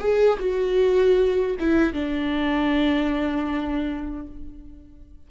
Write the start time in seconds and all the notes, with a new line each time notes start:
0.00 G#4
0.40 F#4
1.60 E4
1.94 D4